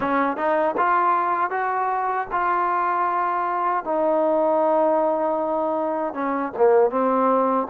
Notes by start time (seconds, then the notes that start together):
0.00 C#4
0.37 D#4
0.77 F4
1.50 F#4
2.31 F4
3.84 D#4
6.13 C#4
6.57 A#3
6.90 C4